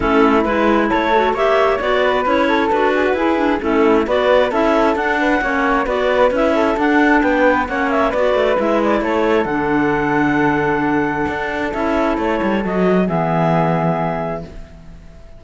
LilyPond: <<
  \new Staff \with { instrumentName = "clarinet" } { \time 4/4 \tempo 4 = 133 a'4 b'4 cis''4 e''4 | d''4 cis''4 b'2 | a'4 d''4 e''4 fis''4~ | fis''4 d''4 e''4 fis''4 |
g''4 fis''8 e''8 d''4 e''8 d''8 | cis''4 fis''2.~ | fis''2 e''4 cis''4 | dis''4 e''2. | }
  \new Staff \with { instrumentName = "flute" } { \time 4/4 e'2 a'4 cis''4~ | cis''8 b'4 a'4 gis'16 fis'16 gis'4 | e'4 b'4 a'4. b'8 | cis''4 b'4. a'4. |
b'4 cis''4 b'2 | a'1~ | a'1~ | a'4 gis'2. | }
  \new Staff \with { instrumentName = "clarinet" } { \time 4/4 cis'4 e'4. fis'8 g'4 | fis'4 e'4 fis'4 e'8 d'8 | cis'4 fis'4 e'4 d'4 | cis'4 fis'4 e'4 d'4~ |
d'4 cis'4 fis'4 e'4~ | e'4 d'2.~ | d'2 e'2 | fis'4 b2. | }
  \new Staff \with { instrumentName = "cello" } { \time 4/4 a4 gis4 a4 ais4 | b4 cis'4 d'4 e'4 | a4 b4 cis'4 d'4 | ais4 b4 cis'4 d'4 |
b4 ais4 b8 a8 gis4 | a4 d2.~ | d4 d'4 cis'4 a8 g8 | fis4 e2. | }
>>